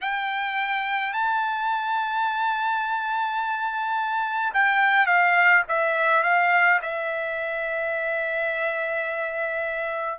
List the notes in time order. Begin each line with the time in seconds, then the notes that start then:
0.01 G5
1.13 A5
4.53 G5
5.06 F5
5.68 E5
6.23 F5
6.82 E5